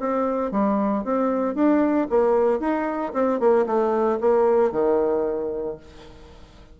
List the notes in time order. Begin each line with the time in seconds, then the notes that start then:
0.00 C4
0.51 G3
1.04 C4
1.55 D4
2.10 A#3
2.60 D#4
3.13 C4
3.40 A#3
3.67 A3
4.21 A#3
4.72 D#3